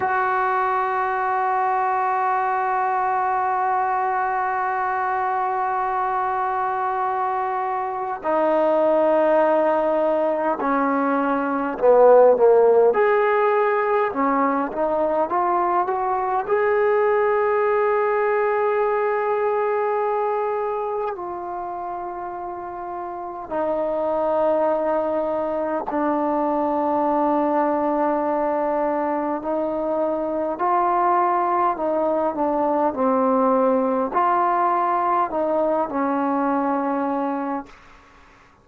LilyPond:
\new Staff \with { instrumentName = "trombone" } { \time 4/4 \tempo 4 = 51 fis'1~ | fis'2. dis'4~ | dis'4 cis'4 b8 ais8 gis'4 | cis'8 dis'8 f'8 fis'8 gis'2~ |
gis'2 f'2 | dis'2 d'2~ | d'4 dis'4 f'4 dis'8 d'8 | c'4 f'4 dis'8 cis'4. | }